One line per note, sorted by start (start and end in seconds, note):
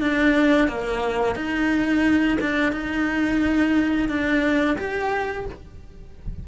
0.00 0.68 D4
0.68 1.35 A#3
1.35 2.38 D#4
2.40 2.72 D4
2.72 4.08 D#4
4.08 4.77 D4
4.78 5.46 G4